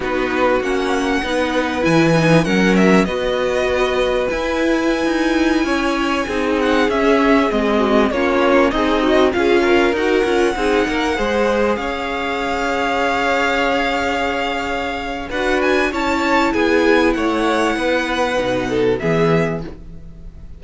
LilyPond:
<<
  \new Staff \with { instrumentName = "violin" } { \time 4/4 \tempo 4 = 98 b'4 fis''2 gis''4 | fis''8 e''8 dis''2 gis''4~ | gis''2~ gis''8. fis''8 e''8.~ | e''16 dis''4 cis''4 dis''4 f''8.~ |
f''16 fis''2. f''8.~ | f''1~ | f''4 fis''8 gis''8 a''4 gis''4 | fis''2. e''4 | }
  \new Staff \with { instrumentName = "violin" } { \time 4/4 fis'2 b'2 | ais'4 b'2.~ | b'4~ b'16 cis''4 gis'4.~ gis'16~ | gis'8. fis'8 f'4 dis'4 gis'8 ais'16~ |
ais'4~ ais'16 gis'8 ais'8 c''4 cis''8.~ | cis''1~ | cis''4 b'4 cis''4 gis'4 | cis''4 b'4. a'8 gis'4 | }
  \new Staff \with { instrumentName = "viola" } { \time 4/4 dis'4 cis'4 dis'4 e'8 dis'8 | cis'4 fis'2 e'4~ | e'2~ e'16 dis'4 cis'8.~ | cis'16 c'4 cis'4 gis'8 fis'8 f'8.~ |
f'16 fis'8 f'8 dis'4 gis'4.~ gis'16~ | gis'1~ | gis'4 fis'4 e'2~ | e'2 dis'4 b4 | }
  \new Staff \with { instrumentName = "cello" } { \time 4/4 b4 ais4 b4 e4 | fis4 b2 e'4~ | e'16 dis'4 cis'4 c'4 cis'8.~ | cis'16 gis4 ais4 c'4 cis'8.~ |
cis'16 dis'8 cis'8 c'8 ais8 gis4 cis'8.~ | cis'1~ | cis'4 d'4 cis'4 b4 | a4 b4 b,4 e4 | }
>>